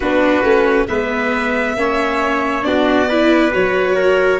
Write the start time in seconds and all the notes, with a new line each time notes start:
0.00 B3 D4 F#4 B4
0.43 A3 C#4
0.87 G#3 B3 B4 E5
1.76 A#3 C#4 C#5
2.62 B3 D4 F#4 D5
3.08 E4 B4
3.51 F#3 F#4 C#5
3.95 A#4